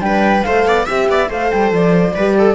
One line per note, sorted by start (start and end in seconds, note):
0.00 0.43 G3
0.00 0.43 D4
0.00 0.46 B4
0.00 0.43 G5
0.43 0.65 A3
0.43 0.86 A4
0.43 0.67 C5
0.43 0.85 F5
0.65 0.86 B3
0.65 0.85 D5
0.85 1.08 C4
0.85 1.28 G4
0.85 1.07 E5
0.85 1.31 E5
1.08 1.29 B3
1.08 1.28 D5
1.28 1.51 A3
1.28 2.13 A4
1.28 2.13 C5
1.28 1.51 F5
1.51 1.71 G3
1.51 1.72 G5
1.71 2.14 F3
1.71 2.55 D5
2.15 2.55 G3
2.15 2.55 G4
2.15 2.36 B4
2.38 2.55 A4